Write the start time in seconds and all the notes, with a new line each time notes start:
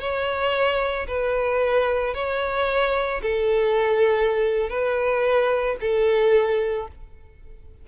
0.00 C#5
1.08 B4
2.15 C#5
3.22 A4
4.70 B4
5.81 A4